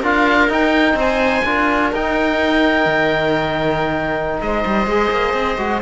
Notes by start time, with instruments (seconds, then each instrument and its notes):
0.00 cello D4, trombone F4, viola A#4, oboe F5
0.49 cello D#4, trombone D#4, oboe G5
0.94 cello C4, viola C5, oboe G#5
1.45 cello D4, trombone F4, viola A#4
1.92 cello D#4, trombone D#4, oboe G5
2.86 cello D#3
4.41 cello G#3, viola C5, oboe D#5
4.66 cello G3
4.86 cello G#3, trombone G#4
5.10 cello A#3
5.33 cello C4
5.58 cello G#3, trombone F#4